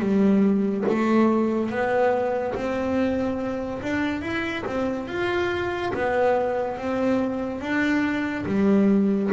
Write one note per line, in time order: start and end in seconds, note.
0.00 0.85 G3
0.89 1.70 A3
1.70 2.55 B3
2.55 3.82 C4
3.82 4.22 D4
4.22 4.64 E4
4.66 5.08 C4
5.08 5.92 F4
5.94 6.78 B3
6.78 7.61 C4
7.61 8.45 D4
8.46 9.31 G3